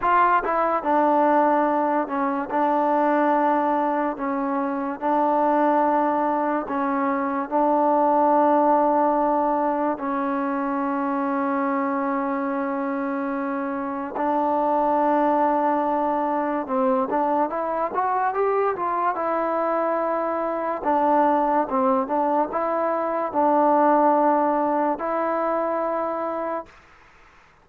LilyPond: \new Staff \with { instrumentName = "trombone" } { \time 4/4 \tempo 4 = 72 f'8 e'8 d'4. cis'8 d'4~ | d'4 cis'4 d'2 | cis'4 d'2. | cis'1~ |
cis'4 d'2. | c'8 d'8 e'8 fis'8 g'8 f'8 e'4~ | e'4 d'4 c'8 d'8 e'4 | d'2 e'2 | }